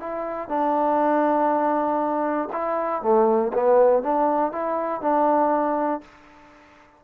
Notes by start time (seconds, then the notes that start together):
0.00 E4
0.49 D4
2.52 E4
3.02 A3
3.54 B3
4.03 D4
4.52 E4
5.01 D4